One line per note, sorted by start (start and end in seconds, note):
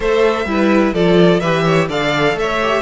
0.00 0.45 A3
0.00 0.46 A4
0.00 0.47 C5
0.00 0.94 E5
0.45 0.92 G3
0.45 0.94 E4
0.45 0.93 B4
0.93 1.40 F3
0.93 1.42 F4
0.93 1.40 A4
0.93 1.40 D5
1.40 1.88 E3
1.40 1.89 G4
1.40 1.64 B4
1.40 1.87 E5
1.64 1.88 C#5
1.88 2.33 D3
1.88 2.60 A4
1.88 2.36 D5
1.88 2.37 F5
2.33 2.80 A3
2.33 2.82 E5
2.40 2.82 C#5
2.61 2.82 G4